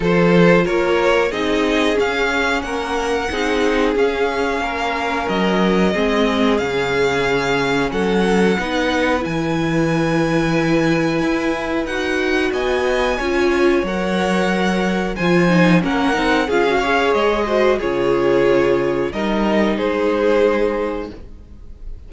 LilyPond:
<<
  \new Staff \with { instrumentName = "violin" } { \time 4/4 \tempo 4 = 91 c''4 cis''4 dis''4 f''4 | fis''2 f''2 | dis''2 f''2 | fis''2 gis''2~ |
gis''2 fis''4 gis''4~ | gis''4 fis''2 gis''4 | fis''4 f''4 dis''4 cis''4~ | cis''4 dis''4 c''2 | }
  \new Staff \with { instrumentName = "violin" } { \time 4/4 a'4 ais'4 gis'2 | ais'4 gis'2 ais'4~ | ais'4 gis'2. | a'4 b'2.~ |
b'2. dis''4 | cis''2. c''4 | ais'4 gis'8 cis''4 c''8 gis'4~ | gis'4 ais'4 gis'2 | }
  \new Staff \with { instrumentName = "viola" } { \time 4/4 f'2 dis'4 cis'4~ | cis'4 dis'4 cis'2~ | cis'4 c'4 cis'2~ | cis'4 dis'4 e'2~ |
e'2 fis'2 | f'4 ais'2 f'8 dis'8 | cis'8 dis'8 f'16 fis'16 gis'4 fis'8 f'4~ | f'4 dis'2. | }
  \new Staff \with { instrumentName = "cello" } { \time 4/4 f4 ais4 c'4 cis'4 | ais4 c'4 cis'4 ais4 | fis4 gis4 cis2 | fis4 b4 e2~ |
e4 e'4 dis'4 b4 | cis'4 fis2 f4 | ais8 c'8 cis'4 gis4 cis4~ | cis4 g4 gis2 | }
>>